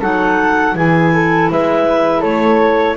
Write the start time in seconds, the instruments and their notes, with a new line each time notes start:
0.00 double bass F#3, clarinet D#4 F#5, flute A4
0.75 double bass E3, clarinet E4 G#5, flute G#4
1.14 flute A4
1.51 double bass G#3, flute B4, clarinet E5
2.20 double bass A3, flute A4, clarinet C#5